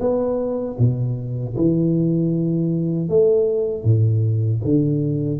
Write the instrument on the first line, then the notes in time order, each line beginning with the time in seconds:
tuba
0.00 B3
0.78 B2
1.56 E3
3.09 A3
3.84 A2
4.64 D3